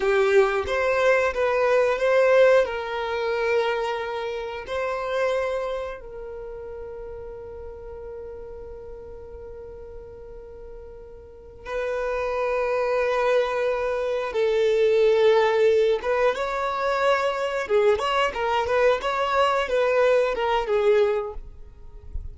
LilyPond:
\new Staff \with { instrumentName = "violin" } { \time 4/4 \tempo 4 = 90 g'4 c''4 b'4 c''4 | ais'2. c''4~ | c''4 ais'2.~ | ais'1~ |
ais'4. b'2~ b'8~ | b'4. a'2~ a'8 | b'8 cis''2 gis'8 cis''8 ais'8 | b'8 cis''4 b'4 ais'8 gis'4 | }